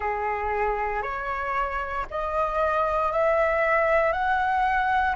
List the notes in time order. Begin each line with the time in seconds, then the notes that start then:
0.00 G#4
1.02 C#5
2.10 D#5
3.11 E5
4.12 F#5